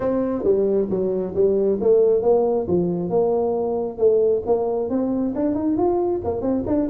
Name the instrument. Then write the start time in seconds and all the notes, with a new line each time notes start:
tuba
0.00 C4
0.43 G3
0.89 F#3
1.34 G3
1.80 A3
2.22 A#3
2.67 F3
3.09 A#3
3.98 A3
4.45 A#3
4.89 C4
5.35 D4
5.54 D#4
5.77 F4
6.24 A#3
6.41 C4
6.66 D4